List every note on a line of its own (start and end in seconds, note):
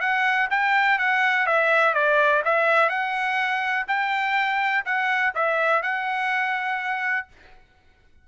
0.00 0.48 F#5
0.50 0.98 G5
0.98 1.46 F#5
1.46 1.94 E5
1.94 2.42 D5
2.44 2.89 E5
2.89 3.86 F#5
3.87 4.84 G5
4.85 5.33 F#5
5.34 5.82 E5
5.82 7.27 F#5